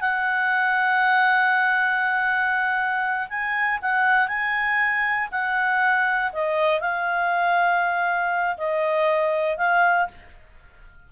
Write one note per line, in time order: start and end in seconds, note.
0.00 3.28 F#5
3.28 3.79 G#5
3.81 4.27 F#5
4.27 5.28 G#5
5.31 6.32 F#5
6.32 6.80 D#5
6.80 8.56 F5
8.57 9.57 D#5
9.57 10.07 F5